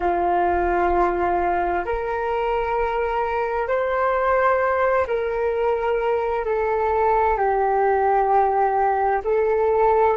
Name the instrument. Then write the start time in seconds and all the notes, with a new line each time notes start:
flute
0.00 F4
1.85 A#4
3.68 C5
5.07 A#4
6.45 A4
7.37 G4
9.24 A4